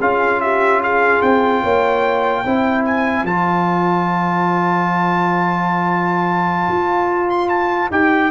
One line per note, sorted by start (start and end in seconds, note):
0.00 1.22 C#4
0.00 2.45 F4
0.00 0.41 G#4
0.00 0.41 F5
0.41 0.82 G4
0.41 0.81 E5
0.82 1.63 G#4
0.82 1.22 F5
1.22 1.63 C4
1.22 2.84 G5
1.63 2.45 A#3
1.63 2.43 C#5
2.43 3.23 C4
2.43 3.27 E4
2.43 8.31 C5
2.85 3.26 G#5
3.23 6.68 F3
3.23 7.92 F4
3.23 7.30 A5
6.68 7.90 F4
7.30 7.49 C6
7.49 7.90 A5
7.91 8.31 D#4
7.91 8.31 G4
7.91 8.31 G5